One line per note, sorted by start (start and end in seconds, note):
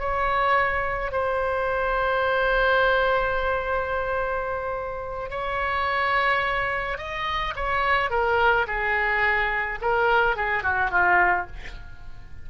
0.00 1.12 C#5
1.12 5.31 C5
5.31 6.98 C#5
6.98 7.54 D#5
7.56 8.11 C#5
8.11 8.67 A#4
8.67 9.80 G#4
9.82 10.37 A#4
10.37 10.63 G#4
10.63 10.91 F#4
10.91 11.47 F4